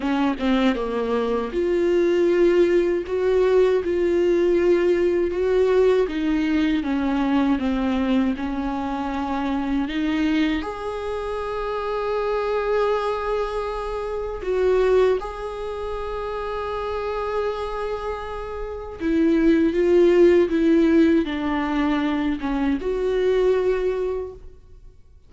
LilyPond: \new Staff \with { instrumentName = "viola" } { \time 4/4 \tempo 4 = 79 cis'8 c'8 ais4 f'2 | fis'4 f'2 fis'4 | dis'4 cis'4 c'4 cis'4~ | cis'4 dis'4 gis'2~ |
gis'2. fis'4 | gis'1~ | gis'4 e'4 f'4 e'4 | d'4. cis'8 fis'2 | }